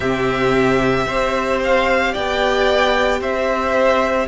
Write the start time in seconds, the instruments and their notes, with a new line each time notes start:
0.00 cello C3, viola C4, violin G4 E5
1.06 cello C4, viola G4, violin C5
1.63 violin F5
2.12 cello B3, violin D5 G5
3.20 cello C4, violin C5 E5